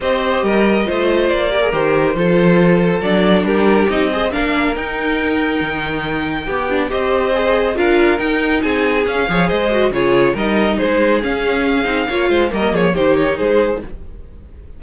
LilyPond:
<<
  \new Staff \with { instrumentName = "violin" } { \time 4/4 \tempo 4 = 139 dis''2. d''4 | c''2. d''4 | ais'4 dis''4 f''4 g''4~ | g''1 |
dis''2 f''4 g''4 | gis''4 f''4 dis''4 cis''4 | dis''4 c''4 f''2~ | f''4 dis''8 cis''8 c''8 cis''8 c''4 | }
  \new Staff \with { instrumentName = "violin" } { \time 4/4 c''4 ais'4 c''4. ais'8~ | ais'4 a'2. | g'4. c''8 ais'2~ | ais'2. g'4 |
c''2 ais'2 | gis'4. cis''8 c''4 gis'4 | ais'4 gis'2. | cis''8 c''8 ais'8 gis'8 g'4 gis'4 | }
  \new Staff \with { instrumentName = "viola" } { \time 4/4 g'2 f'4. g'16 gis'16 | g'4 f'2 d'4~ | d'4 dis'8 gis'8 d'4 dis'4~ | dis'2. g'8 d'8 |
g'4 gis'4 f'4 dis'4~ | dis'4 cis'8 gis'4 fis'8 f'4 | dis'2 cis'4. dis'8 | f'4 ais4 dis'2 | }
  \new Staff \with { instrumentName = "cello" } { \time 4/4 c'4 g4 a4 ais4 | dis4 f2 fis4 | g4 c'4 ais4 dis'4~ | dis'4 dis2 b4 |
c'2 d'4 dis'4 | c'4 cis'8 f8 gis4 cis4 | g4 gis4 cis'4. c'8 | ais8 gis8 g8 f8 dis4 gis4 | }
>>